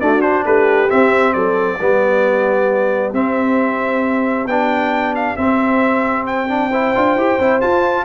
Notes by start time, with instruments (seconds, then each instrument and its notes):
0.00 trombone A3, tuba D4, horn F#4, trumpet D5
0.21 trombone D4, trumpet C5
0.45 tuba A3, horn G4, trumpet B4
0.89 trombone C4, tuba C4, trumpet E5
1.33 tuba F#3, horn A4, trumpet D5
1.78 tuba G3, trombone B3, horn G4
3.13 tuba C4, trombone C4, trumpet E5
4.46 tuba B3, trombone D4, trumpet G5
5.15 trumpet F5
5.36 trombone C4, tuba C4, trumpet E5
6.26 trumpet G5
6.48 trombone D4
6.69 trombone E4, horn C5
6.95 tuba D4, trombone F4
7.16 tuba E4, trombone G4
7.39 tuba C4, trombone E4
7.61 trombone F4, tuba F4, trumpet A5